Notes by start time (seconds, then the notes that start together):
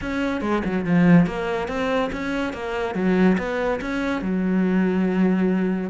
0.01 C#4
0.41 G#3
0.64 F#3
0.85 F3
1.26 A#3
1.68 C4
2.12 C#4
2.53 A#3
2.94 F#3
3.37 B3
3.81 C#4
4.21 F#3